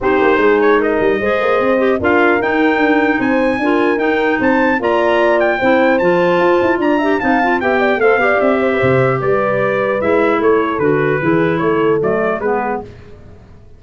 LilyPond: <<
  \new Staff \with { instrumentName = "trumpet" } { \time 4/4 \tempo 4 = 150 c''4. cis''8 dis''2~ | dis''4 f''4 g''2 | gis''2 g''4 a''4 | ais''4. g''4. a''4~ |
a''4 ais''4 a''4 g''4 | f''4 e''2 d''4~ | d''4 e''4 cis''4 b'4~ | b'4 cis''4 d''4 b'4 | }
  \new Staff \with { instrumentName = "horn" } { \time 4/4 g'4 gis'4 ais'4 c''4~ | c''4 ais'2. | c''4 ais'2 c''4 | d''2 c''2~ |
c''4 d''8 e''8 f''4 e''8 d''8 | c''8 d''4 c''16 b'16 c''4 b'4~ | b'2 a'2 | gis'4 a'2 gis'4 | }
  \new Staff \with { instrumentName = "clarinet" } { \time 4/4 dis'2. gis'4~ | gis'8 g'8 f'4 dis'2~ | dis'4 f'4 dis'2 | f'2 e'4 f'4~ |
f'4. g'8 dis'8 f'8 g'4 | a'8 g'2.~ g'8~ | g'4 e'2 fis'4 | e'2 a4 b4 | }
  \new Staff \with { instrumentName = "tuba" } { \time 4/4 c'8 ais8 gis4. g8 gis8 ais8 | c'4 d'4 dis'4 d'4 | c'4 d'4 dis'4 c'4 | ais2 c'4 f4 |
f'8 e'8 d'4 c'4 b4 | a8 b8 c'4 c4 g4~ | g4 gis4 a4 d4 | e4 a4 fis4 gis4 | }
>>